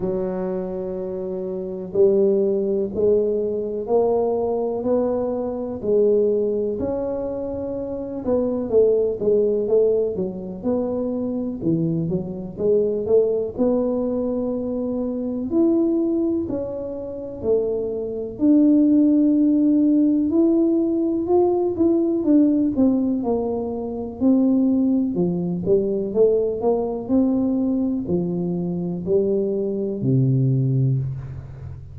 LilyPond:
\new Staff \with { instrumentName = "tuba" } { \time 4/4 \tempo 4 = 62 fis2 g4 gis4 | ais4 b4 gis4 cis'4~ | cis'8 b8 a8 gis8 a8 fis8 b4 | e8 fis8 gis8 a8 b2 |
e'4 cis'4 a4 d'4~ | d'4 e'4 f'8 e'8 d'8 c'8 | ais4 c'4 f8 g8 a8 ais8 | c'4 f4 g4 c4 | }